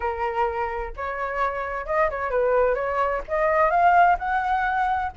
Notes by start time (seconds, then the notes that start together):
0.00 A#4
0.96 C#5
1.86 D#5
2.10 C#5
2.30 B4
2.74 C#5
3.28 D#5
3.70 F5
4.18 F#5